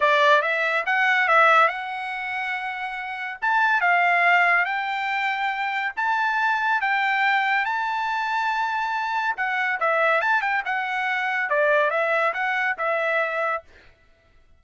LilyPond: \new Staff \with { instrumentName = "trumpet" } { \time 4/4 \tempo 4 = 141 d''4 e''4 fis''4 e''4 | fis''1 | a''4 f''2 g''4~ | g''2 a''2 |
g''2 a''2~ | a''2 fis''4 e''4 | a''8 g''8 fis''2 d''4 | e''4 fis''4 e''2 | }